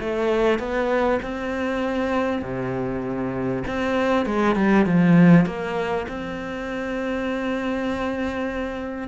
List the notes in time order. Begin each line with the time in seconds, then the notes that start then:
0.00 A3
0.59 B3
1.23 C4
2.42 C3
3.68 C4
4.26 G#3
4.56 G3
4.86 F3
5.46 A#3
6.09 C4